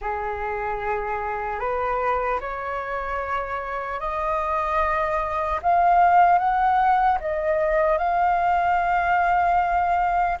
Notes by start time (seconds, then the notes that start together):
0.01 G#4
1.59 B4
2.40 C#5
4.00 D#5
5.62 F5
6.38 F#5
7.20 D#5
7.98 F5